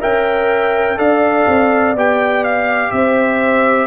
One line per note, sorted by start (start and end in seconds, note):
0.00 0.98 C#4
0.00 0.97 A#4
0.00 0.98 E5
0.00 0.99 G5
0.97 1.46 D4
0.97 1.94 A4
0.97 2.92 D5
0.97 1.95 F5
1.48 1.95 C4
1.95 2.92 B3
1.95 3.87 G4
1.95 2.44 G5
2.44 2.91 F5
2.91 3.87 C4
2.91 3.87 C5
2.91 3.87 E5